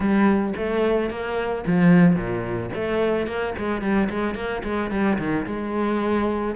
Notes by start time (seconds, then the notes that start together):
0.00 G3
0.56 A3
1.10 A#3
1.66 F3
2.15 A#2
2.74 A3
3.26 A#3
3.58 G#3
3.81 G3
4.09 G#3
4.35 A#3
4.63 G#3
4.90 G3
5.18 D#3
5.45 G#3